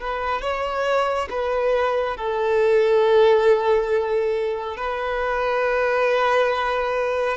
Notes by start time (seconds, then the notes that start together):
0.00 B4
0.42 C#5
1.30 B4
2.17 A4
4.77 B4